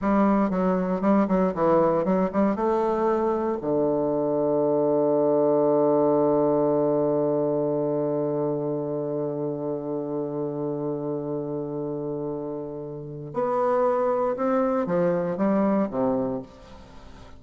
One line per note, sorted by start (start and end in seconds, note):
0.01 0.50 G3
0.50 1.01 F#3
1.01 1.26 G3
1.28 1.53 F#3
1.54 2.04 E3
2.04 2.30 F#3
2.32 2.55 G3
2.55 3.58 A3
3.61 13.33 D3
13.33 14.36 B3
14.36 14.86 C4
14.86 15.37 F3
15.37 15.88 G3
15.90 16.41 C3